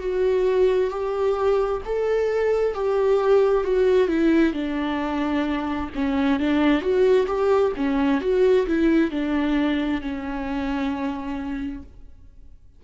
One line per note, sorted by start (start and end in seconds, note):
0.00 0.90 F#4
0.90 1.81 G4
1.85 2.74 A4
2.74 3.64 G4
3.64 4.08 F#4
4.08 4.53 E4
4.53 5.90 D4
5.95 6.40 C#4
6.40 6.81 D4
6.81 7.26 F#4
7.26 7.72 G4
7.76 8.21 C#4
8.21 8.67 F#4
8.67 9.11 E4
9.11 10.01 D4
10.01 11.83 C#4